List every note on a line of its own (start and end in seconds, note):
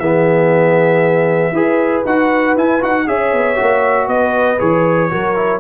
0.00 1.53 E3
0.00 1.55 B3
0.00 1.53 G#4
0.00 2.03 E5
1.53 2.03 E4
1.53 2.06 G#4
1.53 3.06 B4
2.06 2.57 D#4
2.06 2.57 F#4
2.06 2.57 F#5
2.57 2.82 E4
2.57 2.81 E4
2.57 2.83 G#5
2.81 3.08 D#4
2.81 3.07 F#4
2.81 3.08 F#5
3.07 3.33 C#4
3.07 3.56 G#4
3.07 4.10 C#5
3.07 4.09 E5
3.33 3.59 B3
3.56 4.08 A#3
3.56 4.58 F#4
4.08 4.58 B3
4.08 5.12 B4
4.08 4.60 D#5
4.59 5.12 E3
4.59 5.10 G#4
4.59 5.61 C#5
5.10 5.61 F#3
5.10 5.36 F#4
5.10 5.61 A#4
5.36 5.61 E4